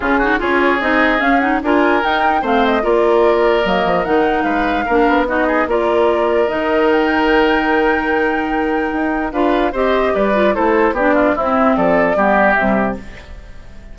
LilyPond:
<<
  \new Staff \with { instrumentName = "flute" } { \time 4/4 \tempo 4 = 148 gis'4 cis''4 dis''4 f''8 fis''8 | gis''4 g''4 f''8 dis''8 d''4~ | d''4 dis''4 fis''4 f''4~ | f''4 dis''4 d''2 |
dis''4 g''2.~ | g''2. f''4 | dis''4 d''4 c''4 d''4 | e''4 d''2 e''4 | }
  \new Staff \with { instrumentName = "oboe" } { \time 4/4 f'8 fis'8 gis'2. | ais'2 c''4 ais'4~ | ais'2. b'4 | ais'4 fis'8 gis'8 ais'2~ |
ais'1~ | ais'2. b'4 | c''4 b'4 a'4 g'8 f'8 | e'4 a'4 g'2 | }
  \new Staff \with { instrumentName = "clarinet" } { \time 4/4 cis'8 dis'8 f'4 dis'4 cis'8 dis'8 | f'4 dis'4 c'4 f'4~ | f'4 ais4 dis'2 | d'4 dis'4 f'2 |
dis'1~ | dis'2. f'4 | g'4. f'8 e'4 d'4 | c'2 b4 g4 | }
  \new Staff \with { instrumentName = "bassoon" } { \time 4/4 cis4 cis'4 c'4 cis'4 | d'4 dis'4 a4 ais4~ | ais4 fis8 f8 dis4 gis4 | ais8 b4. ais2 |
dis1~ | dis2 dis'4 d'4 | c'4 g4 a4 b4 | c'4 f4 g4 c4 | }
>>